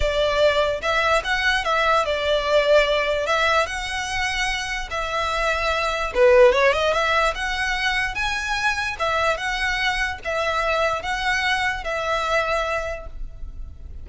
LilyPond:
\new Staff \with { instrumentName = "violin" } { \time 4/4 \tempo 4 = 147 d''2 e''4 fis''4 | e''4 d''2. | e''4 fis''2. | e''2. b'4 |
cis''8 dis''8 e''4 fis''2 | gis''2 e''4 fis''4~ | fis''4 e''2 fis''4~ | fis''4 e''2. | }